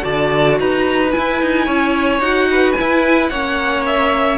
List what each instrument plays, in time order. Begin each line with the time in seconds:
0.00 cello D3, viola F#4, violin D5 A5
0.60 cello D#4, violin B4 A#5
1.12 viola E4, cello E4, violin G#5
1.42 cello D#4
1.66 cello C#4, violin C#5
2.20 cello D#4, viola F#4, violin F#5
2.51 violin B4
2.72 viola E4, violin G#5
2.81 cello E4
3.29 cello A#3, viola C#4, violin C#5 F#5
3.87 violin E5